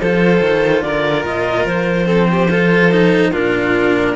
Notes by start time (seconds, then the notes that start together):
0.00 F3 F4 A4 C5
0.40 D#3
0.82 D3 A#4 D5
1.25 A#2 D#5
1.64 F3 C5
2.05 C4 A4
2.31 G4
2.50 F4 A4
2.91 D#4
3.31 A#2 D4 F4 A#4